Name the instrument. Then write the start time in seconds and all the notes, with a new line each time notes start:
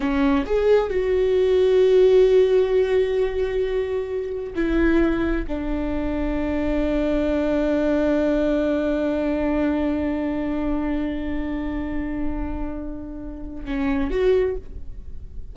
viola
0.00 C#4
0.45 G#4
0.89 F#4
4.55 E4
5.47 D4
13.65 C#4
14.10 F#4